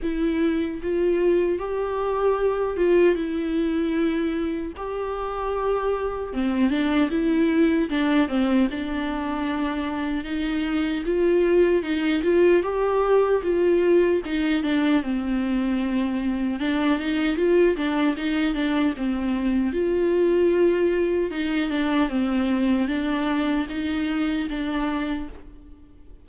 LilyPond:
\new Staff \with { instrumentName = "viola" } { \time 4/4 \tempo 4 = 76 e'4 f'4 g'4. f'8 | e'2 g'2 | c'8 d'8 e'4 d'8 c'8 d'4~ | d'4 dis'4 f'4 dis'8 f'8 |
g'4 f'4 dis'8 d'8 c'4~ | c'4 d'8 dis'8 f'8 d'8 dis'8 d'8 | c'4 f'2 dis'8 d'8 | c'4 d'4 dis'4 d'4 | }